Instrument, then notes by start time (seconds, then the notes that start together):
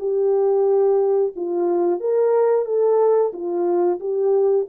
horn
0.00 G4
1.36 F4
2.01 A#4
2.66 A4
3.33 F4
4.01 G4